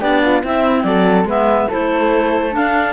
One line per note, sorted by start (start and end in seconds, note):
0.00 0.43 B3
0.00 0.42 D4
0.00 0.21 G4
0.00 0.43 D5
0.22 0.43 F4
0.43 0.84 C4
0.43 1.27 C4
0.43 0.85 E4
0.43 0.83 E5
0.83 1.24 F#3
0.83 1.27 A4
0.83 1.25 D5
1.24 1.66 G#3
1.24 1.69 B3
1.24 1.67 B4
1.24 1.71 E5
1.67 2.51 E4
1.67 2.92 A4
1.67 2.55 C5
1.74 2.56 A3
2.51 2.92 D4
2.51 2.92 F5